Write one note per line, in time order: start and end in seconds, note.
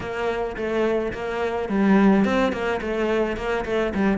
0.00 0.56 A#3
0.56 1.12 A3
1.12 1.68 A#3
1.68 2.24 G3
2.24 2.52 C4
2.52 2.80 A#3
2.81 3.36 A3
3.36 3.64 A#3
3.65 3.93 A3
3.94 4.18 G3